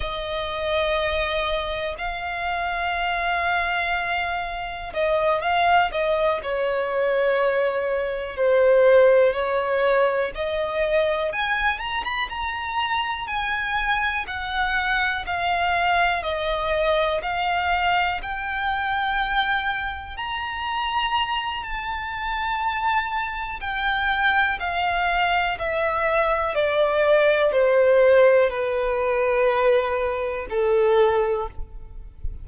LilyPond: \new Staff \with { instrumentName = "violin" } { \time 4/4 \tempo 4 = 61 dis''2 f''2~ | f''4 dis''8 f''8 dis''8 cis''4.~ | cis''8 c''4 cis''4 dis''4 gis''8 | ais''16 b''16 ais''4 gis''4 fis''4 f''8~ |
f''8 dis''4 f''4 g''4.~ | g''8 ais''4. a''2 | g''4 f''4 e''4 d''4 | c''4 b'2 a'4 | }